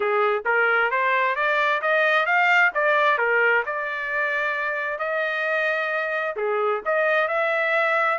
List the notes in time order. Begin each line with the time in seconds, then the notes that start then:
0.00 G#4
0.45 A#4
0.90 C5
1.35 D5
1.81 D#5
2.25 F5
2.74 D5
3.18 A#4
3.65 D5
4.98 D#5
6.36 G#4
6.85 D#5
7.27 E5